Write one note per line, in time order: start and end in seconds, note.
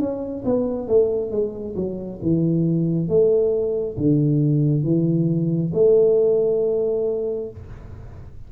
0.00 0.44 C#4
0.45 0.88 B3
0.88 1.31 A3
1.31 1.75 G#3
1.76 2.20 F#3
2.23 3.09 E3
3.09 3.97 A3
3.97 4.84 D3
4.84 5.72 E3
5.74 7.50 A3